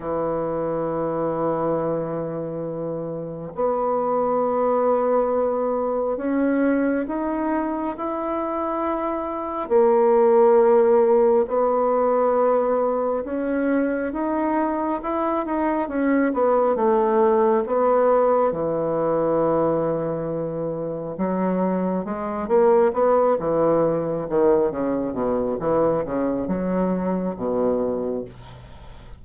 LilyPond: \new Staff \with { instrumentName = "bassoon" } { \time 4/4 \tempo 4 = 68 e1 | b2. cis'4 | dis'4 e'2 ais4~ | ais4 b2 cis'4 |
dis'4 e'8 dis'8 cis'8 b8 a4 | b4 e2. | fis4 gis8 ais8 b8 e4 dis8 | cis8 b,8 e8 cis8 fis4 b,4 | }